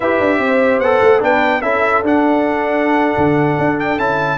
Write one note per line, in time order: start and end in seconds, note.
0.00 0.19 E4
0.00 0.83 G4
0.00 0.40 B4
0.00 0.80 E5
0.19 0.38 D4
0.38 0.79 C4
0.44 1.22 C5
0.79 0.99 B3
0.79 1.19 A4
0.79 1.20 F#5
1.01 1.21 A3
1.19 1.62 B3
1.19 1.60 D4
1.19 1.63 B4
1.19 1.61 G5
1.61 2.02 C#4
1.61 2.04 E4
1.61 4.38 A4
1.61 2.02 E5
2.02 3.15 D4
2.02 3.98 D4
2.02 3.79 F#5
3.17 3.58 D3
3.58 3.98 D4
3.79 3.99 G5
3.98 4.38 C#4
3.98 4.38 E4
3.98 4.38 A5